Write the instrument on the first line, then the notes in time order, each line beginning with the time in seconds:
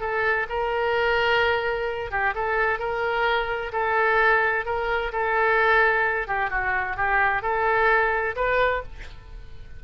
oboe
0.00 A4
0.49 A#4
2.11 G4
2.34 A4
2.79 A#4
3.72 A4
4.65 A#4
5.12 A4
6.27 G4
6.50 F#4
6.96 G4
7.42 A4
8.36 B4